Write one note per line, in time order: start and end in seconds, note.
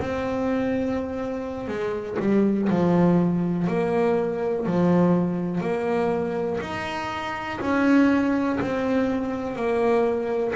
0.00 1.68 C4
1.68 2.17 G#3
2.20 2.69 G3
2.70 3.68 F3
3.68 4.66 A#3
4.66 5.61 F3
5.61 6.59 A#3
6.61 7.60 D#4
7.61 8.59 C#4
8.61 9.56 C4
9.56 10.54 A#3